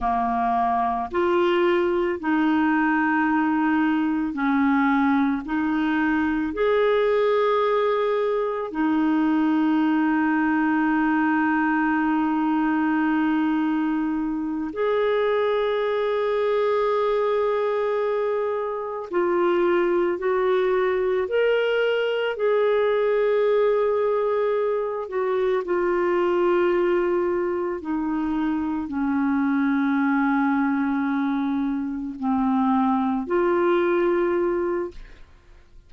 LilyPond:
\new Staff \with { instrumentName = "clarinet" } { \time 4/4 \tempo 4 = 55 ais4 f'4 dis'2 | cis'4 dis'4 gis'2 | dis'1~ | dis'4. gis'2~ gis'8~ |
gis'4. f'4 fis'4 ais'8~ | ais'8 gis'2~ gis'8 fis'8 f'8~ | f'4. dis'4 cis'4.~ | cis'4. c'4 f'4. | }